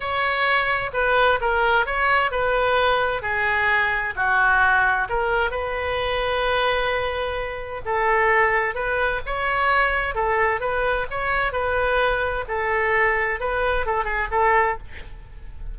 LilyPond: \new Staff \with { instrumentName = "oboe" } { \time 4/4 \tempo 4 = 130 cis''2 b'4 ais'4 | cis''4 b'2 gis'4~ | gis'4 fis'2 ais'4 | b'1~ |
b'4 a'2 b'4 | cis''2 a'4 b'4 | cis''4 b'2 a'4~ | a'4 b'4 a'8 gis'8 a'4 | }